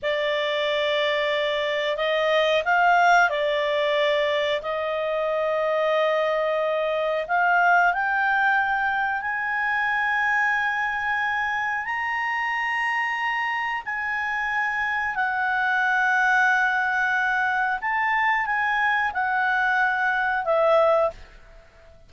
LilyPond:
\new Staff \with { instrumentName = "clarinet" } { \time 4/4 \tempo 4 = 91 d''2. dis''4 | f''4 d''2 dis''4~ | dis''2. f''4 | g''2 gis''2~ |
gis''2 ais''2~ | ais''4 gis''2 fis''4~ | fis''2. a''4 | gis''4 fis''2 e''4 | }